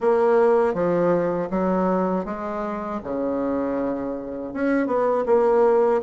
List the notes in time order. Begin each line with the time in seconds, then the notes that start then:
0.00 A#3
0.73 F3
1.50 F#3
2.25 G#3
3.03 C#3
4.53 C#4
4.86 B3
5.26 A#3